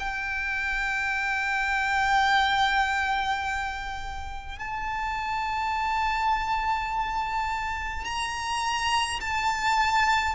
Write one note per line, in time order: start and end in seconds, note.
0.00 4.59 G5
4.59 8.05 A5
8.05 9.20 A#5
9.21 10.35 A5